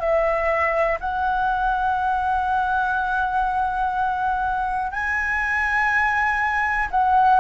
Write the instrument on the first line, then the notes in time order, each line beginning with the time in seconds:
flute
0.00 E5
1.00 F#5
4.92 G#5
6.91 F#5